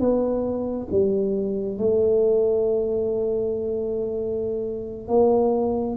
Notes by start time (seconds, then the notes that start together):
0.00 B3
0.91 G3
1.78 A3
5.09 A#3